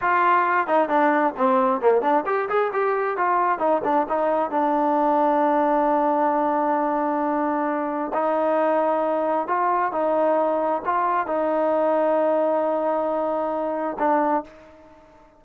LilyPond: \new Staff \with { instrumentName = "trombone" } { \time 4/4 \tempo 4 = 133 f'4. dis'8 d'4 c'4 | ais8 d'8 g'8 gis'8 g'4 f'4 | dis'8 d'8 dis'4 d'2~ | d'1~ |
d'2 dis'2~ | dis'4 f'4 dis'2 | f'4 dis'2.~ | dis'2. d'4 | }